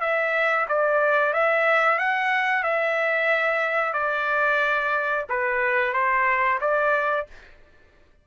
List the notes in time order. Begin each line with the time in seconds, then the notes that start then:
0.00 E5
0.68 D5
1.32 E5
1.98 F#5
2.63 E5
3.93 D5
5.29 B4
5.93 C5
6.61 D5